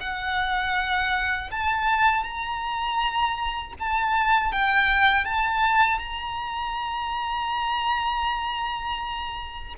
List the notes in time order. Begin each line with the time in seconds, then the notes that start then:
0.00 F#5
1.51 A5
2.23 A#5
3.79 A5
4.52 G5
5.25 A5
5.99 A#5